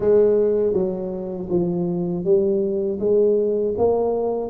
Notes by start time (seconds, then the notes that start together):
0.00 G#3
0.73 F#3
1.49 F3
2.24 G3
2.99 G#3
3.77 A#3